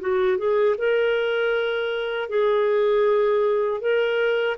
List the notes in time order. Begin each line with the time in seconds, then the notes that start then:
0.00 F#4
0.38 G#4
0.78 A#4
2.29 G#4
3.80 A#4